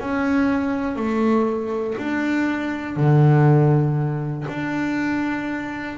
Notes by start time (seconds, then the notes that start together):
0.00 C#4
0.95 A3
1.98 D4
2.96 D3
4.48 D4